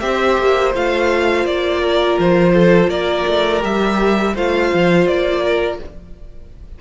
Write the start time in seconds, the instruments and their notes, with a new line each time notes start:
0.00 cello C4, viola G4, violin C5 E5
0.39 cello A#3
0.75 cello A3, viola F4, violin F5
1.45 cello A#3, violin D5
1.81 violin A#4
2.19 cello F3, violin C5
2.54 violin A4
2.88 cello A#3, violin A#4 D5
3.28 cello A3
3.60 cello G3, viola G4, violin E5
4.34 cello A3, viola F4, violin C5 F5
4.74 cello F3
5.07 cello A#3, violin D5
5.42 violin A#4